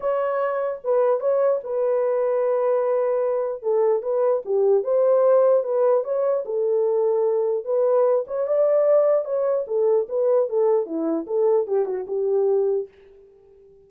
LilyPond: \new Staff \with { instrumentName = "horn" } { \time 4/4 \tempo 4 = 149 cis''2 b'4 cis''4 | b'1~ | b'4 a'4 b'4 g'4 | c''2 b'4 cis''4 |
a'2. b'4~ | b'8 cis''8 d''2 cis''4 | a'4 b'4 a'4 e'4 | a'4 g'8 fis'8 g'2 | }